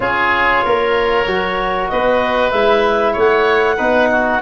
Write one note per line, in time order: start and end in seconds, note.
0.00 0.63 C#4
0.00 1.26 F4
0.00 0.64 G#4
0.00 1.88 C#5
0.64 1.26 A#3
0.64 1.91 A#4
1.26 1.89 F#3
1.26 2.53 F#4
1.88 2.52 B3
1.88 3.12 B4
1.88 2.50 D#5
2.50 3.15 G#3
2.50 3.77 E4
2.50 3.14 E5
3.12 3.79 A3
3.12 3.75 C#5
3.18 4.41 F#5
3.76 4.41 B3
3.76 4.40 D#4
3.76 4.08 B4
4.11 4.41 F#4